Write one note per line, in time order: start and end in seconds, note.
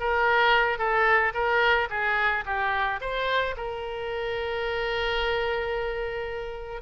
0.00 0.78 A#4
0.78 1.33 A4
1.34 1.88 A#4
1.90 2.44 G#4
2.45 3.00 G4
3.00 3.55 C5
3.57 6.82 A#4